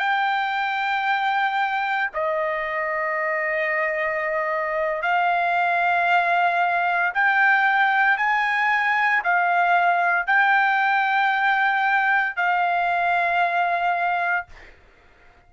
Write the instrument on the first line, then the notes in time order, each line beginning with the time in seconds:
trumpet
0.00 G5
2.14 D#5
5.02 F5
7.14 G5
8.18 G#5
9.24 F5
10.27 G5
12.36 F5